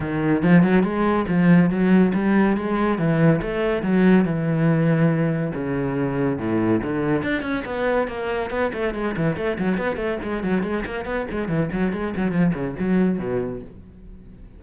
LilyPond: \new Staff \with { instrumentName = "cello" } { \time 4/4 \tempo 4 = 141 dis4 f8 fis8 gis4 f4 | fis4 g4 gis4 e4 | a4 fis4 e2~ | e4 cis2 a,4 |
d4 d'8 cis'8 b4 ais4 | b8 a8 gis8 e8 a8 fis8 b8 a8 | gis8 fis8 gis8 ais8 b8 gis8 e8 fis8 | gis8 fis8 f8 cis8 fis4 b,4 | }